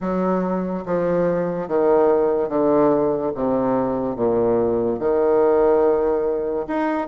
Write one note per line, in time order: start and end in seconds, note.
0.00 0.84 F#3
0.85 1.67 F3
1.67 2.48 D#3
2.48 3.31 D3
3.34 4.16 C3
4.16 4.99 A#2
4.99 6.66 D#3
6.67 7.07 D#4